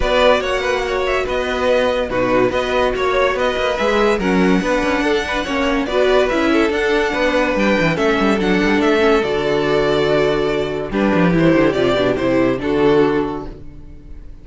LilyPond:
<<
  \new Staff \with { instrumentName = "violin" } { \time 4/4 \tempo 4 = 143 d''4 fis''4. e''8 dis''4~ | dis''4 b'4 dis''4 cis''4 | dis''4 e''4 fis''2~ | fis''2 d''4 e''4 |
fis''2 g''4 e''4 | fis''4 e''4 d''2~ | d''2 b'4 c''4 | d''4 c''4 a'2 | }
  \new Staff \with { instrumentName = "violin" } { \time 4/4 b'4 cis''8 b'8 cis''4 b'4~ | b'4 fis'4 b'4 cis''4 | b'2 ais'4 b'4 | a'8 b'8 cis''4 b'4. a'8~ |
a'4 b'2 a'4~ | a'1~ | a'2 g'2~ | g'2 fis'2 | }
  \new Staff \with { instrumentName = "viola" } { \time 4/4 fis'1~ | fis'4 dis'4 fis'2~ | fis'4 gis'4 cis'4 d'4~ | d'4 cis'4 fis'4 e'4 |
d'2. cis'4 | d'4. cis'8 fis'2~ | fis'2 d'4 e'4 | f'8 d'8 e'4 d'2 | }
  \new Staff \with { instrumentName = "cello" } { \time 4/4 b4 ais2 b4~ | b4 b,4 b4 ais4 | b8 ais8 gis4 fis4 b8 cis'8 | d'4 ais4 b4 cis'4 |
d'4 b4 g8 e8 a8 g8 | fis8 g8 a4 d2~ | d2 g8 f8 e8 d8 | c8 b,8 c4 d2 | }
>>